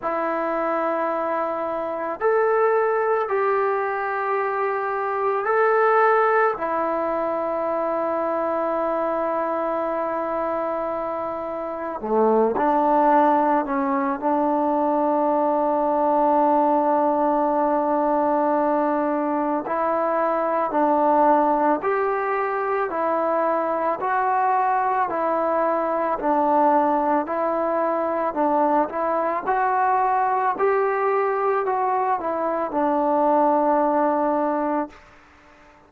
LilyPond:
\new Staff \with { instrumentName = "trombone" } { \time 4/4 \tempo 4 = 55 e'2 a'4 g'4~ | g'4 a'4 e'2~ | e'2. a8 d'8~ | d'8 cis'8 d'2.~ |
d'2 e'4 d'4 | g'4 e'4 fis'4 e'4 | d'4 e'4 d'8 e'8 fis'4 | g'4 fis'8 e'8 d'2 | }